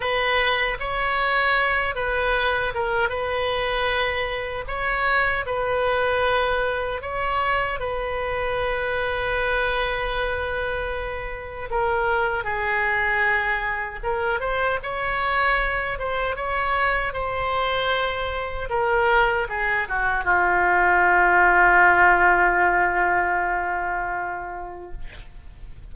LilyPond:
\new Staff \with { instrumentName = "oboe" } { \time 4/4 \tempo 4 = 77 b'4 cis''4. b'4 ais'8 | b'2 cis''4 b'4~ | b'4 cis''4 b'2~ | b'2. ais'4 |
gis'2 ais'8 c''8 cis''4~ | cis''8 c''8 cis''4 c''2 | ais'4 gis'8 fis'8 f'2~ | f'1 | }